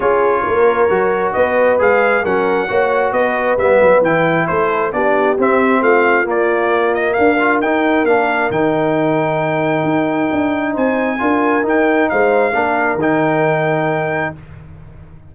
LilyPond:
<<
  \new Staff \with { instrumentName = "trumpet" } { \time 4/4 \tempo 4 = 134 cis''2. dis''4 | f''4 fis''2 dis''4 | e''4 g''4 c''4 d''4 | e''4 f''4 d''4. dis''8 |
f''4 g''4 f''4 g''4~ | g''1 | gis''2 g''4 f''4~ | f''4 g''2. | }
  \new Staff \with { instrumentName = "horn" } { \time 4/4 gis'4 ais'2 b'4~ | b'4 ais'4 cis''4 b'4~ | b'2 a'4 g'4~ | g'4 f'2. |
ais'1~ | ais'1 | c''4 ais'2 c''4 | ais'1 | }
  \new Staff \with { instrumentName = "trombone" } { \time 4/4 f'2 fis'2 | gis'4 cis'4 fis'2 | b4 e'2 d'4 | c'2 ais2~ |
ais8 f'8 dis'4 d'4 dis'4~ | dis'1~ | dis'4 f'4 dis'2 | d'4 dis'2. | }
  \new Staff \with { instrumentName = "tuba" } { \time 4/4 cis'4 ais4 fis4 b4 | gis4 fis4 ais4 b4 | g8 fis8 e4 a4 b4 | c'4 a4 ais2 |
d'4 dis'4 ais4 dis4~ | dis2 dis'4 d'4 | c'4 d'4 dis'4 gis4 | ais4 dis2. | }
>>